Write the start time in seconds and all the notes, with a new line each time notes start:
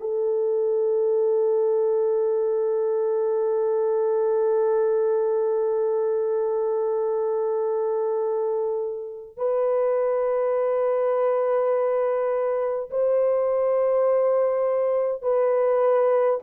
0.00 A4
9.36 B4
12.90 C5
15.22 B4